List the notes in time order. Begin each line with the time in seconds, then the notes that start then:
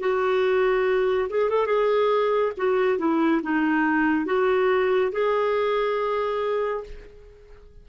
0.00 F#4
1.30 G#4
1.50 A4
1.67 G#4
2.57 F#4
2.98 E4
3.43 D#4
4.26 F#4
5.12 G#4